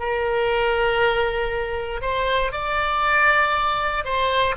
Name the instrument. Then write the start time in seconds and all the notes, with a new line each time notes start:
oboe
0.00 A#4
2.02 C5
2.53 D5
4.05 C5